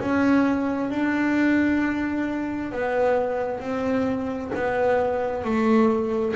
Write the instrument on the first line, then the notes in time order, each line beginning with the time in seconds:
double bass
0.00 C#4
0.90 D4
2.72 B3
3.60 C4
4.55 B3
5.44 A3